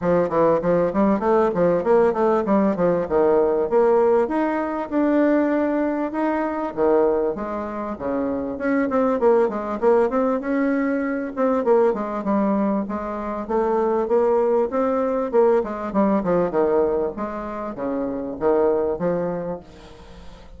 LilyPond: \new Staff \with { instrumentName = "bassoon" } { \time 4/4 \tempo 4 = 98 f8 e8 f8 g8 a8 f8 ais8 a8 | g8 f8 dis4 ais4 dis'4 | d'2 dis'4 dis4 | gis4 cis4 cis'8 c'8 ais8 gis8 |
ais8 c'8 cis'4. c'8 ais8 gis8 | g4 gis4 a4 ais4 | c'4 ais8 gis8 g8 f8 dis4 | gis4 cis4 dis4 f4 | }